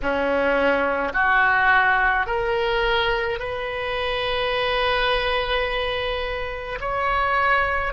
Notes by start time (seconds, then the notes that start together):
0.02 C#4
1.13 F#4
2.26 A#4
3.39 B4
6.80 C#5